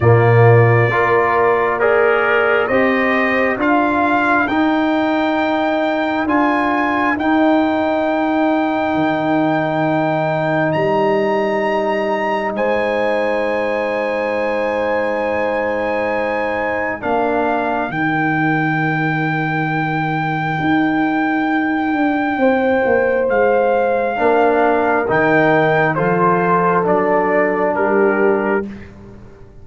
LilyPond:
<<
  \new Staff \with { instrumentName = "trumpet" } { \time 4/4 \tempo 4 = 67 d''2 ais'4 dis''4 | f''4 g''2 gis''4 | g''1 | ais''2 gis''2~ |
gis''2. f''4 | g''1~ | g''2 f''2 | g''4 c''4 d''4 ais'4 | }
  \new Staff \with { instrumentName = "horn" } { \time 4/4 f'4 ais'4 d''4 c''4 | ais'1~ | ais'1~ | ais'2 c''2~ |
c''2. ais'4~ | ais'1~ | ais'4 c''2 ais'4~ | ais'4 a'2 g'4 | }
  \new Staff \with { instrumentName = "trombone" } { \time 4/4 ais4 f'4 gis'4 g'4 | f'4 dis'2 f'4 | dis'1~ | dis'1~ |
dis'2. d'4 | dis'1~ | dis'2. d'4 | dis'4 f'4 d'2 | }
  \new Staff \with { instrumentName = "tuba" } { \time 4/4 ais,4 ais2 c'4 | d'4 dis'2 d'4 | dis'2 dis2 | g2 gis2~ |
gis2. ais4 | dis2. dis'4~ | dis'8 d'8 c'8 ais8 gis4 ais4 | dis4 f4 fis4 g4 | }
>>